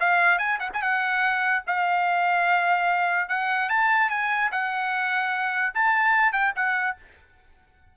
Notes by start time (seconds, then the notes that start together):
0.00 F5
0.38 G#5
0.59 F#5
0.73 G#5
0.82 F#5
1.67 F5
3.29 F#5
3.69 A5
4.09 G#5
4.52 F#5
5.74 A5
6.32 G5
6.56 F#5